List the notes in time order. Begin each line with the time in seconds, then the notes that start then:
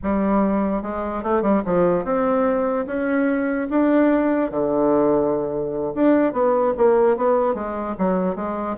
0.02 G3
0.82 G#3
1.23 A3
1.41 G3
1.65 F3
2.04 C4
2.86 C#4
3.70 D4
4.50 D3
5.94 D4
6.32 B3
6.77 A#3
7.16 B3
7.54 G#3
7.98 F#3
8.35 G#3